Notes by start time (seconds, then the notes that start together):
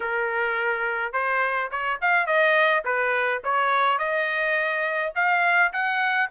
0.00 A#4
1.12 C5
1.71 C#5
2.01 F5
2.26 D#5
2.84 B4
3.44 C#5
3.98 D#5
5.15 F5
5.72 F#5